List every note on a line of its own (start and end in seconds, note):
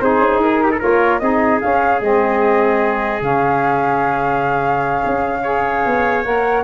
0.00 0.19 C4
0.00 0.79 D#4
0.00 0.63 G#4
0.00 0.40 C5
0.19 0.36 C#4
0.36 0.77 D#4
0.36 0.81 A#4
0.63 0.71 G4
0.71 0.79 A4
0.79 1.21 A#3
0.79 1.20 F4
0.79 1.19 A#4
0.79 1.19 C#5
1.19 1.61 C4
1.19 1.60 D#4
1.19 5.42 G#4
1.19 1.59 D#5
1.60 2.00 C#4
1.60 2.01 C#4
1.60 2.01 F5
2.01 3.21 G#3
2.01 3.21 C4
2.01 3.23 D#5
3.21 5.02 C#3
3.21 5.42 C#4
3.21 6.24 F5
5.06 5.86 C#4
5.42 6.24 G#4
5.42 6.63 C#5
5.86 6.25 B3
6.24 6.63 A#3
6.24 6.63 A#4
6.24 6.63 F#5